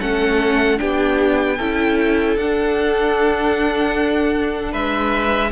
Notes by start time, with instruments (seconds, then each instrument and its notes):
0.00 cello A3, viola C#4, violin A4 F#5
0.78 cello B3, viola D4, violin G4 G5
1.58 cello C#4, viola E4, violin A4
2.37 cello D4, viola D4, violin F#5
4.72 cello G#3, violin B4 E5